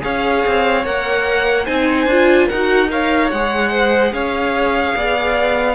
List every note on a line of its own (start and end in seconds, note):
0.00 0.45 C#4
0.00 0.82 G#4
0.00 1.65 C#5
0.00 0.85 F5
0.46 0.85 C4
0.84 1.67 A#3
0.84 1.66 A#4
0.84 1.66 F#5
1.65 2.05 C4
1.65 2.08 D#4
1.65 2.47 C5
1.65 2.48 G#5
2.05 2.47 D4
2.05 2.51 F4
2.47 3.32 D#4
2.47 2.88 A#4
2.47 2.89 F#5
2.53 2.88 F#4
2.88 3.29 A#4
2.88 3.71 C#5
2.88 3.31 F5
3.31 4.12 G#3
3.31 5.75 G#4
3.31 4.13 F#5
3.71 4.12 C5
4.12 4.95 C#4
4.12 4.96 C#5
4.12 5.75 F5
4.96 5.75 B3
4.96 5.75 D5